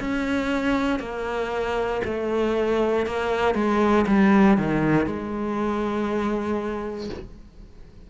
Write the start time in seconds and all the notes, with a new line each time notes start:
0.00 C#4
1.00 A#3
2.05 A3
3.06 A#3
3.55 G#3
4.07 G3
4.58 D#3
5.07 G#3